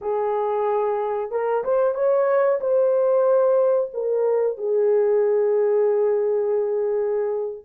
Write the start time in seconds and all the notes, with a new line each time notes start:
0.01 G#4
1.31 A#4
1.63 C5
1.94 C#5
2.60 C5
3.93 A#4
4.57 G#4